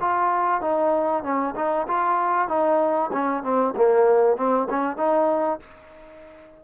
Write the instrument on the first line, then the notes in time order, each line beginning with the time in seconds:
trombone
0.00 F4
0.61 D#4
1.23 C#4
1.55 D#4
1.87 F4
2.48 D#4
3.12 C#4
3.43 C4
3.76 A#3
4.37 C4
4.69 C#4
4.97 D#4